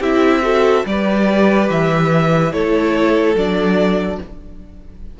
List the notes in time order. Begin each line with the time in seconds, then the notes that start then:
0.00 C4 E4 G4 E5
0.43 F#4 A4
0.86 G3 G4 B4 D5
1.70 E3 E5
2.52 A3 E4 A4 C#5
3.35 F#3 D4 D5